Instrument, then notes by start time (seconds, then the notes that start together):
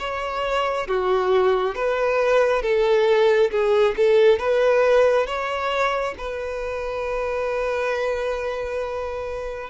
violin
0.00 C#5
0.88 F#4
1.76 B4
2.63 A4
3.52 G#4
3.97 A4
4.40 B4
5.27 C#5
6.18 B4